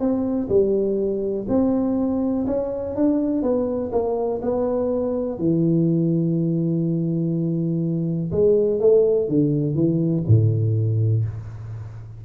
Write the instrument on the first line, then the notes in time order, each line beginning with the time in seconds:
tuba
0.00 C4
0.49 G3
1.49 C4
2.47 C#4
2.96 D4
3.42 B3
3.92 A#3
4.42 B3
5.39 E3
8.32 G#3
8.80 A3
9.28 D3
9.75 E3
10.27 A2